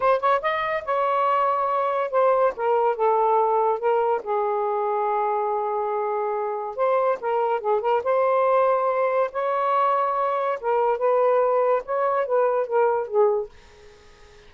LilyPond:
\new Staff \with { instrumentName = "saxophone" } { \time 4/4 \tempo 4 = 142 c''8 cis''8 dis''4 cis''2~ | cis''4 c''4 ais'4 a'4~ | a'4 ais'4 gis'2~ | gis'1 |
c''4 ais'4 gis'8 ais'8 c''4~ | c''2 cis''2~ | cis''4 ais'4 b'2 | cis''4 b'4 ais'4 gis'4 | }